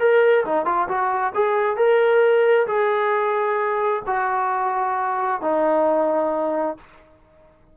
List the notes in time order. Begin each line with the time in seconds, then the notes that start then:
0.00 A#4
0.45 D#4
0.66 F4
0.89 F#4
1.35 G#4
1.77 A#4
2.68 G#4
4.07 F#4
5.42 D#4